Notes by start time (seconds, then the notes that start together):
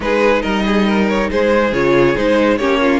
0.00 G#3 D#4 G#4 B4
0.41 G3 A#4 D#5
0.65 G#4
0.86 A#4
1.08 C#5
1.31 G#3 G#4 C5
1.72 C#3 F4 C#5
2.16 G#3 D#4 C5
2.57 A#3 C#4 G4 C#5
2.81 F4